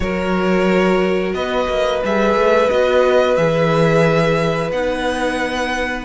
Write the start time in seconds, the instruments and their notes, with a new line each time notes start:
0.00 cello F#3, viola F#4, violin A#4 C#5
1.33 cello B3, violin B4 D#5
1.68 cello A#3
2.03 cello G3, viola G#4, violin E5
2.35 cello A3
2.70 cello B3, viola F#4, violin D#5
3.36 cello E3, viola G#4, violin E5
4.71 cello B3, viola D#4, violin F#5